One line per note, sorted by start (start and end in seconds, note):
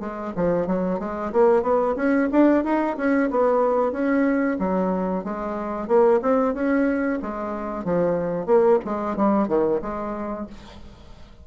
0.00 0.33 G#3
0.36 0.67 F3
0.67 1.00 F#3
1.00 1.32 G#3
1.33 1.62 A#3
1.62 1.95 B3
1.96 2.29 C#4
2.32 2.64 D4
2.64 2.97 D#4
2.97 3.30 C#4
3.31 3.92 B3
3.92 4.57 C#4
4.59 5.24 F#3
5.24 5.88 G#3
5.88 6.20 A#3
6.22 6.54 C4
6.54 7.19 C#4
7.22 7.85 G#3
7.85 8.46 F3
8.46 8.79 A#3
8.85 9.17 G#3
9.17 9.48 G3
9.48 9.81 D#3
9.82 10.47 G#3